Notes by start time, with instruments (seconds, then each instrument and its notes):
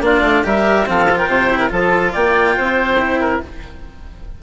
0.00 bassoon A#3, cello D4, oboe F4, clarinet D5
0.21 bassoon A3
0.43 bassoon G3, cello G4, oboe A#4, clarinet E5
0.86 bassoon F3, cello C4, oboe A4, clarinet F5
1.10 cello F4
1.17 oboe A#4, clarinet G5
1.27 bassoon C3, oboe C5
1.50 cello E4
1.59 oboe A#4
1.69 bassoon F3, cello F4, oboe A4, clarinet A5
2.12 bassoon A#3, oboe D5, clarinet G5
2.57 bassoon C4, oboe C5
2.99 cello E4
3.20 oboe A#4